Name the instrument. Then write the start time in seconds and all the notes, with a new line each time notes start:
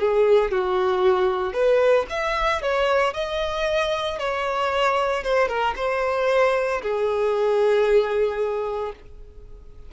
violin
0.00 G#4
0.52 F#4
1.54 B4
2.10 E5
2.63 C#5
3.14 D#5
4.20 C#5
5.24 C5
5.48 A#4
5.77 C5
6.82 G#4